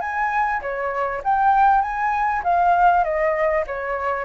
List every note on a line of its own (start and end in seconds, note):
0.00 0.61 G#5
0.61 1.22 C#5
1.23 1.81 G5
1.81 2.42 G#5
2.43 3.03 F5
3.03 3.64 D#5
3.66 4.24 C#5